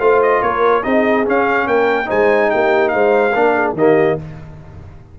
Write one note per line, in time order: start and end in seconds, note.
0.00 0.42 A3
0.00 0.84 F4
0.00 0.42 C5
0.00 0.22 F5
0.23 0.43 D#5
0.42 0.84 A#3
0.42 0.84 A#4
0.42 0.84 C#5
0.84 1.27 C4
0.84 1.25 D#4
0.84 1.66 G#4
0.84 1.25 D#5
1.26 2.06 C#4
1.26 1.67 C#4
1.26 1.68 F5
1.66 2.09 A#3
1.66 2.08 A#4
1.66 2.10 G5
2.06 2.53 G#3
2.06 3.31 D#4
2.06 2.49 C5
2.06 2.51 G#5
2.51 2.94 A#3
2.51 2.93 G4
2.51 2.89 G5
2.89 3.35 G#3
2.89 3.34 C5
2.89 3.72 F5
3.35 3.74 A#3
3.35 3.77 D4
3.35 3.55 A#4
3.55 3.76 G#4
3.74 4.15 D#3
3.74 4.19 A#3
3.74 4.20 G4
3.74 4.20 D#5